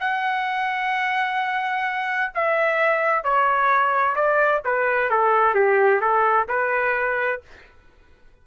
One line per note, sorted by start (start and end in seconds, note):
0.00 2.33 F#5
2.34 3.24 E5
3.24 4.16 C#5
4.16 4.62 D5
4.65 5.10 B4
5.10 5.55 A4
5.55 6.01 G4
6.01 6.47 A4
6.49 7.42 B4